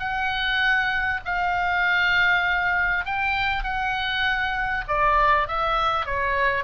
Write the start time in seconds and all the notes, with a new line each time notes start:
0.00 F#5
1.25 F5
3.06 G5
3.64 F#5
4.88 D5
5.48 E5
6.07 C#5